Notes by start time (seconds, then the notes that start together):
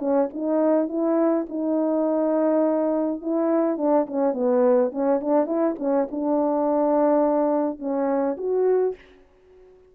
0.00 C#4
0.34 D#4
0.89 E4
1.49 D#4
3.22 E4
3.78 D4
4.07 C#4
4.34 B3
4.92 C#4
5.21 D4
5.47 E4
5.80 C#4
6.11 D4
7.79 C#4
8.38 F#4